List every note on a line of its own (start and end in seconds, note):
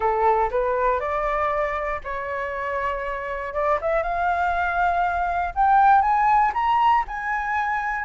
0.00 0.50 A4
0.50 0.99 B4
0.99 2.00 D5
2.04 3.53 C#5
3.53 3.78 D5
3.81 4.02 E5
4.02 5.53 F5
5.54 6.01 G5
6.01 6.52 G#5
6.53 7.04 A#5
7.07 8.04 G#5